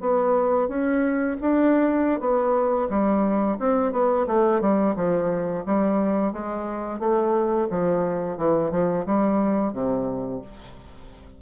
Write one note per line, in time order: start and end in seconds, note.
0.00 0.68 B3
0.68 1.36 C#4
1.41 2.20 D4
2.20 2.88 B3
2.89 3.57 G3
3.59 3.92 C4
3.92 4.26 B3
4.27 4.61 A3
4.61 4.95 G3
4.96 5.64 F3
5.66 6.32 G3
6.32 6.99 G#3
6.99 7.67 A3
7.70 8.37 F3
8.37 8.71 E3
8.71 9.05 F3
9.06 9.73 G3
9.73 10.41 C3